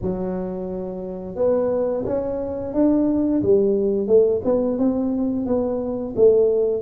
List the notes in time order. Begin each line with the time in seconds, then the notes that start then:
0.01 F#3
1.35 B3
2.05 C#4
2.73 D4
3.42 G3
4.07 A3
4.44 B3
4.78 C4
5.46 B3
6.15 A3